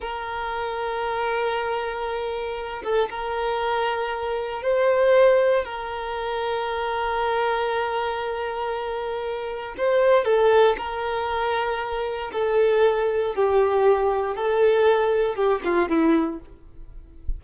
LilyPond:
\new Staff \with { instrumentName = "violin" } { \time 4/4 \tempo 4 = 117 ais'1~ | ais'4. a'8 ais'2~ | ais'4 c''2 ais'4~ | ais'1~ |
ais'2. c''4 | a'4 ais'2. | a'2 g'2 | a'2 g'8 f'8 e'4 | }